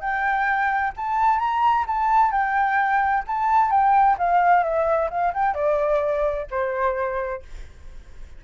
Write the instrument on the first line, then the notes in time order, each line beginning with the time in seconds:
flute
0.00 G5
0.96 A5
1.38 A#5
1.87 A5
2.31 G5
3.27 A5
3.70 G5
4.18 F5
4.63 E5
5.10 F5
5.33 G5
5.54 D5
6.50 C5